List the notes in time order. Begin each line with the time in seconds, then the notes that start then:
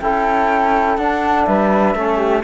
0.00 C#4 E4 A4 G5
0.97 D4 F#5
1.45 G3 B4 E5
1.95 A3 C#4 A4
2.17 G4